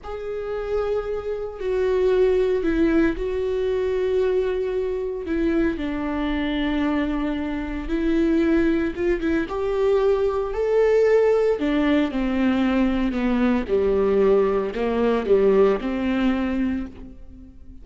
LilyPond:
\new Staff \with { instrumentName = "viola" } { \time 4/4 \tempo 4 = 114 gis'2. fis'4~ | fis'4 e'4 fis'2~ | fis'2 e'4 d'4~ | d'2. e'4~ |
e'4 f'8 e'8 g'2 | a'2 d'4 c'4~ | c'4 b4 g2 | ais4 g4 c'2 | }